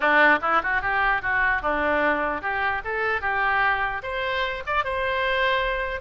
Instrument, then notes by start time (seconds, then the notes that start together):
oboe
0.00 D4
0.41 E4
0.62 F#4
0.81 G4
1.22 F#4
1.62 D4
2.41 G4
2.84 A4
3.21 G4
4.02 C5
4.66 D5
4.84 C5